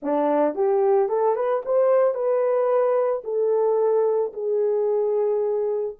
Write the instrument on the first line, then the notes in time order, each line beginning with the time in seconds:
horn
0.02 D4
0.54 G4
1.08 A4
1.35 B4
1.65 C5
2.14 B4
3.24 A4
4.33 G#4